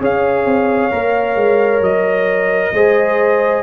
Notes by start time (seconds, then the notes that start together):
0.00 C#4 G#4 C#5 F5
0.45 C4
0.91 A#3 A#4
1.36 G#3
1.81 F#3 D#5
2.72 G#3 G#4 C5